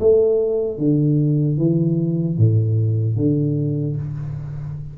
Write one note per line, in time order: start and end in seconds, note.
0.00 0.78 A3
0.78 1.58 D3
1.58 2.38 E3
2.38 3.17 A2
3.17 3.97 D3